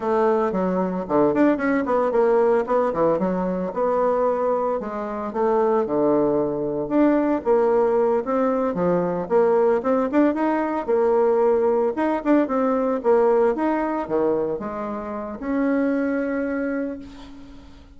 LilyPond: \new Staff \with { instrumentName = "bassoon" } { \time 4/4 \tempo 4 = 113 a4 fis4 d8 d'8 cis'8 b8 | ais4 b8 e8 fis4 b4~ | b4 gis4 a4 d4~ | d4 d'4 ais4. c'8~ |
c'8 f4 ais4 c'8 d'8 dis'8~ | dis'8 ais2 dis'8 d'8 c'8~ | c'8 ais4 dis'4 dis4 gis8~ | gis4 cis'2. | }